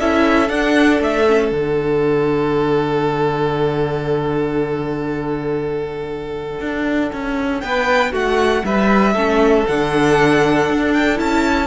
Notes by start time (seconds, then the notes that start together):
0.00 C#4 E4 A4 E5
0.50 D4 F#5
1.01 A3 E5
1.28 C#4
1.52 D3 D4 F#5
6.61 D4
7.13 C#4
7.61 B3 B4 G5
8.12 A3 F#4 F#5
8.65 G3 B4 E5
9.14 A3 C#4 A4
9.67 D3 D4 F#5
10.70 D4
10.93 G5
11.16 C#4 E4 A5